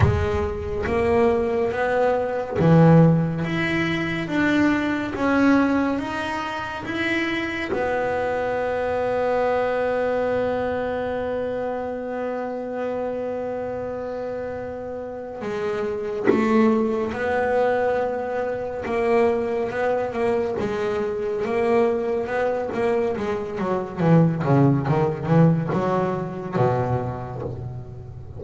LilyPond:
\new Staff \with { instrumentName = "double bass" } { \time 4/4 \tempo 4 = 70 gis4 ais4 b4 e4 | e'4 d'4 cis'4 dis'4 | e'4 b2.~ | b1~ |
b2 gis4 a4 | b2 ais4 b8 ais8 | gis4 ais4 b8 ais8 gis8 fis8 | e8 cis8 dis8 e8 fis4 b,4 | }